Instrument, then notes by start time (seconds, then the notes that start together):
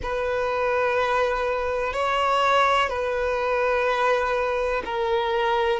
violin
0.02 B4
1.93 C#5
2.89 B4
4.85 A#4